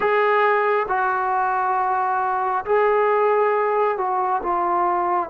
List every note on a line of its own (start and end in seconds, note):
0.00 0.86 G#4
0.88 2.65 F#4
2.65 3.97 G#4
3.97 4.41 F#4
4.42 5.29 F4